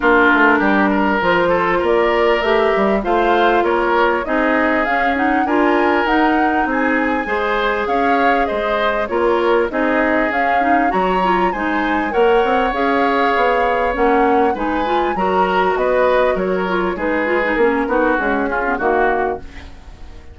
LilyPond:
<<
  \new Staff \with { instrumentName = "flute" } { \time 4/4 \tempo 4 = 99 ais'2 c''4 d''4 | e''4 f''4 cis''4 dis''4 | f''8 fis''8 gis''4 fis''4 gis''4~ | gis''4 f''4 dis''4 cis''4 |
dis''4 f''4 ais''4 gis''4 | fis''4 f''2 fis''4 | gis''4 ais''4 dis''4 cis''4 | b'4 ais'4 gis'4 fis'4 | }
  \new Staff \with { instrumentName = "oboe" } { \time 4/4 f'4 g'8 ais'4 a'8 ais'4~ | ais'4 c''4 ais'4 gis'4~ | gis'4 ais'2 gis'4 | c''4 cis''4 c''4 ais'4 |
gis'2 cis''4 c''4 | cis''1 | b'4 ais'4 b'4 ais'4 | gis'4. fis'4 f'8 fis'4 | }
  \new Staff \with { instrumentName = "clarinet" } { \time 4/4 d'2 f'2 | g'4 f'2 dis'4 | cis'8 dis'8 f'4 dis'2 | gis'2. f'4 |
dis'4 cis'8 dis'8 fis'8 f'8 dis'4 | ais'4 gis'2 cis'4 | dis'8 f'8 fis'2~ fis'8 f'8 | dis'8 f'16 dis'16 cis'8 dis'8 gis8 cis'16 b16 ais4 | }
  \new Staff \with { instrumentName = "bassoon" } { \time 4/4 ais8 a8 g4 f4 ais4 | a8 g8 a4 ais4 c'4 | cis'4 d'4 dis'4 c'4 | gis4 cis'4 gis4 ais4 |
c'4 cis'4 fis4 gis4 | ais8 c'8 cis'4 b4 ais4 | gis4 fis4 b4 fis4 | gis4 ais8 b8 cis'4 dis4 | }
>>